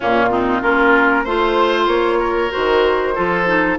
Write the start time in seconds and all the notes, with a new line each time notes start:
0.00 A#2 A#3 C#4 F4
0.30 C4 D#4
0.61 A#3 C#4 F4 A#4
1.24 A3 F4 C5
1.87 A#3 C#5
2.19 A#4
2.51 D#3 F#4 C5
3.15 F3 F4 A4
3.46 D#4